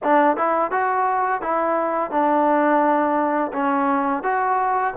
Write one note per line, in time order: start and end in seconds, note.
0.03 0.36 D4
0.36 0.71 E4
0.71 1.41 F#4
1.41 2.10 E4
2.10 3.51 D4
3.53 4.23 C#4
4.23 4.93 F#4